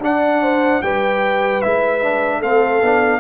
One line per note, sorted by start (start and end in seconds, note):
0.00 0.80 D4
0.00 0.83 D4
0.00 0.43 D5
0.00 0.82 F#5
0.43 0.83 C5
0.82 1.62 G3
0.82 1.63 G4
0.82 2.39 B4
0.82 1.62 G5
1.62 2.42 G#3
1.62 2.02 E4
1.62 2.42 E5
2.02 2.42 D4
2.39 2.82 A3
2.39 2.83 C4
2.39 3.19 A4
2.39 3.20 F5
2.82 3.20 B3
2.82 3.20 D4